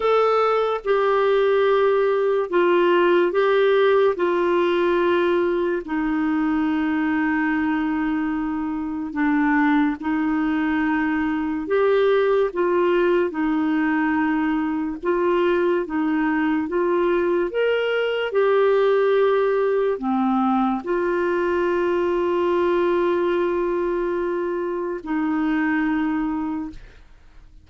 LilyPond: \new Staff \with { instrumentName = "clarinet" } { \time 4/4 \tempo 4 = 72 a'4 g'2 f'4 | g'4 f'2 dis'4~ | dis'2. d'4 | dis'2 g'4 f'4 |
dis'2 f'4 dis'4 | f'4 ais'4 g'2 | c'4 f'2.~ | f'2 dis'2 | }